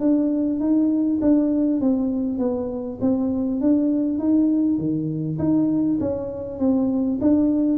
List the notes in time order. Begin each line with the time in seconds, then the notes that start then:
0.00 D4
0.60 D#4
1.21 D4
1.81 C4
2.39 B3
3.01 C4
3.61 D4
4.19 D#4
4.78 D#3
5.39 D#4
6.00 C#4
6.59 C4
7.21 D4